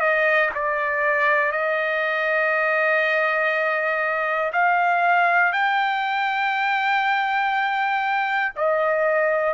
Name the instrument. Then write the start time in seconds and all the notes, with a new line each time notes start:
trumpet
0.00 D#5
0.55 D5
1.52 D#5
4.53 F5
5.53 G5
8.56 D#5